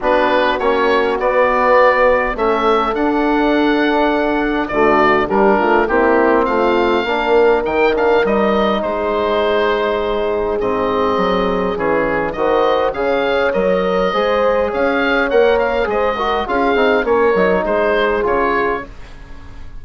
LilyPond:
<<
  \new Staff \with { instrumentName = "oboe" } { \time 4/4 \tempo 4 = 102 b'4 cis''4 d''2 | e''4 fis''2. | d''4 ais'4 g'4 f''4~ | f''4 g''8 f''8 dis''4 c''4~ |
c''2 dis''2 | gis'4 dis''4 f''4 dis''4~ | dis''4 f''4 fis''8 f''8 dis''4 | f''4 cis''4 c''4 cis''4 | }
  \new Staff \with { instrumentName = "horn" } { \time 4/4 fis'1 | a'1 | fis'4 g'8 f'8 e'4 f'4 | ais'2. gis'4~ |
gis'1~ | gis'4 c''4 cis''2 | c''4 cis''2 c''8 ais'8 | gis'4 ais'4 gis'2 | }
  \new Staff \with { instrumentName = "trombone" } { \time 4/4 d'4 cis'4 b2 | cis'4 d'2. | a4 d'4 c'2 | d'4 dis'8 d'8 dis'2~ |
dis'2 c'2 | cis'4 fis'4 gis'4 ais'4 | gis'2 ais'4 gis'8 fis'8 | f'8 dis'8 cis'8 dis'4. f'4 | }
  \new Staff \with { instrumentName = "bassoon" } { \time 4/4 b4 ais4 b2 | a4 d'2. | d4 g8 a8 ais4 a4 | ais4 dis4 g4 gis4~ |
gis2 gis,4 fis4 | e4 dis4 cis4 fis4 | gis4 cis'4 ais4 gis4 | cis'8 c'8 ais8 fis8 gis4 cis4 | }
>>